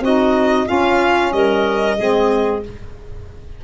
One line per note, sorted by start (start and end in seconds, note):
0.00 0.65 C4
0.00 0.65 D#4
0.00 0.67 F#4
0.00 0.68 D#5
0.65 1.96 C#4
0.65 1.32 C#4
0.65 1.32 F4
0.65 1.32 F5
1.32 1.97 G3
1.32 1.97 A#4
1.32 2.62 D#5
1.97 2.64 G#3
1.97 2.64 C4
1.97 2.62 G#4